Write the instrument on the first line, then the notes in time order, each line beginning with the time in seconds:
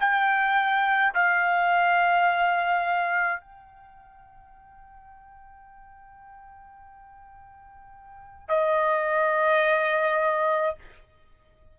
trumpet
0.00 G5
1.14 F5
3.41 G5
8.49 D#5